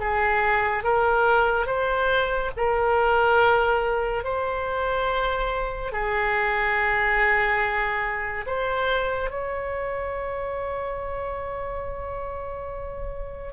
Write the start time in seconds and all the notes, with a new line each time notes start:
0.00 G#4
0.84 A#4
1.67 C5
2.57 A#4
4.24 C5
5.92 G#4
8.47 C5
9.31 C#5